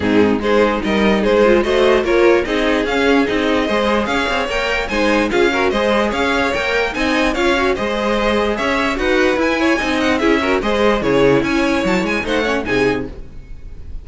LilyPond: <<
  \new Staff \with { instrumentName = "violin" } { \time 4/4 \tempo 4 = 147 gis'4 c''4 dis''4 c''4 | dis''4 cis''4 dis''4 f''4 | dis''2 f''4 g''4 | gis''4 f''4 dis''4 f''4 |
g''4 gis''4 f''4 dis''4~ | dis''4 e''4 fis''4 gis''4~ | gis''8 fis''8 e''4 dis''4 cis''4 | gis''4 a''8 gis''8 fis''4 gis''4 | }
  \new Staff \with { instrumentName = "violin" } { \time 4/4 dis'4 gis'4 ais'4 gis'4 | c''4 ais'4 gis'2~ | gis'4 c''4 cis''2 | c''4 gis'8 ais'8 c''4 cis''4~ |
cis''4 dis''4 cis''4 c''4~ | c''4 cis''4 b'4. cis''8 | dis''4 gis'8 ais'8 c''4 gis'4 | cis''2 c''8 cis''8 gis'4 | }
  \new Staff \with { instrumentName = "viola" } { \time 4/4 c'4 dis'2~ dis'8 f'8 | fis'4 f'4 dis'4 cis'4 | dis'4 gis'2 ais'4 | dis'4 f'8 fis'8 gis'2 |
ais'4 dis'4 f'8 fis'8 gis'4~ | gis'2 fis'4 e'4 | dis'4 e'8 fis'8 gis'4 e'4~ | e'2 dis'8 cis'8 dis'4 | }
  \new Staff \with { instrumentName = "cello" } { \time 4/4 gis,4 gis4 g4 gis4 | a4 ais4 c'4 cis'4 | c'4 gis4 cis'8 c'8 ais4 | gis4 cis'4 gis4 cis'4 |
ais4 c'4 cis'4 gis4~ | gis4 cis'4 dis'4 e'4 | c'4 cis'4 gis4 cis4 | cis'4 fis8 gis8 a4 c4 | }
>>